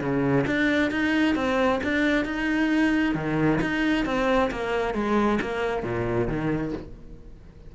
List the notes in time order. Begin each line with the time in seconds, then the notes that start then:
0.00 C#3
0.46 D4
0.91 D#4
1.35 C4
1.83 D4
2.25 D#4
3.14 D#3
3.61 D#4
4.05 C4
4.51 A#3
4.94 G#3
5.41 A#3
5.82 A#2
6.28 D#3